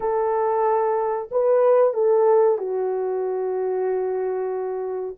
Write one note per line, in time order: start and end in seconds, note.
0.00 1.29 A4
1.31 1.93 B4
1.93 2.57 A4
2.57 5.16 F#4